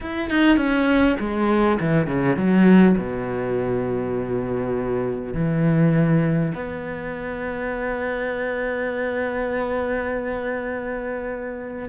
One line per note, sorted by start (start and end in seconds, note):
0.01 0.29 E4
0.29 0.56 D#4
0.56 1.16 C#4
1.19 1.78 G#3
1.80 2.06 E3
2.06 2.36 C#3
2.36 2.95 F#3
2.97 5.34 B2
5.34 6.53 E3
6.54 11.89 B3